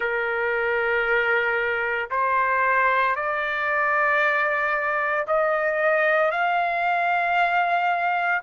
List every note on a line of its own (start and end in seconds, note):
0.00 2.10 A#4
2.10 3.15 C5
3.15 5.26 D5
5.27 6.31 D#5
6.31 8.42 F5